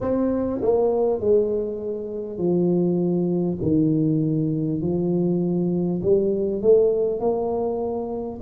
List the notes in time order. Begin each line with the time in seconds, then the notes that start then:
0.01 C4
0.61 A#3
1.19 G#3
2.37 F3
3.62 D#3
4.81 F3
6.02 G3
6.61 A3
7.19 A#3